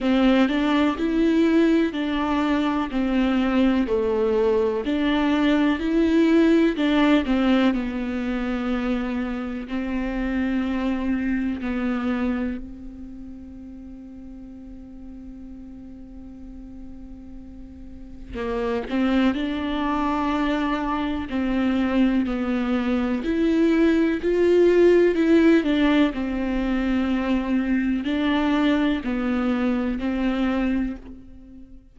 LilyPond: \new Staff \with { instrumentName = "viola" } { \time 4/4 \tempo 4 = 62 c'8 d'8 e'4 d'4 c'4 | a4 d'4 e'4 d'8 c'8 | b2 c'2 | b4 c'2.~ |
c'2. ais8 c'8 | d'2 c'4 b4 | e'4 f'4 e'8 d'8 c'4~ | c'4 d'4 b4 c'4 | }